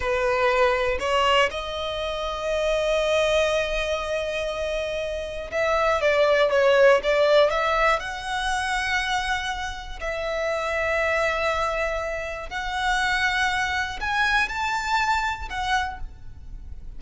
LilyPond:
\new Staff \with { instrumentName = "violin" } { \time 4/4 \tempo 4 = 120 b'2 cis''4 dis''4~ | dis''1~ | dis''2. e''4 | d''4 cis''4 d''4 e''4 |
fis''1 | e''1~ | e''4 fis''2. | gis''4 a''2 fis''4 | }